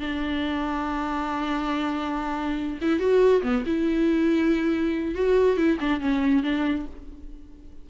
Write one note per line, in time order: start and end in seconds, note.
0.00 2.79 D4
2.81 2.99 E4
2.99 3.42 F#4
3.43 3.64 B3
3.66 5.15 E4
5.15 5.57 F#4
5.57 5.78 E4
5.80 6.01 D4
6.01 6.43 C#4
6.43 6.86 D4